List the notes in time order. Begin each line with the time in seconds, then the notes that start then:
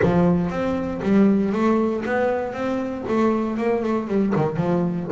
0.02 F3
0.49 C4
1.02 G3
1.52 A3
2.05 B3
2.53 C4
3.08 A3
3.57 A#3
3.83 A3
4.07 G3
4.35 D#3
4.56 F3